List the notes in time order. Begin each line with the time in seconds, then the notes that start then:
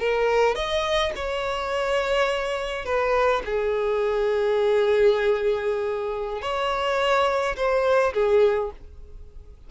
0.00 A#4
0.56 D#5
1.16 C#5
2.86 B4
3.46 G#4
6.42 C#5
7.57 C5
8.14 G#4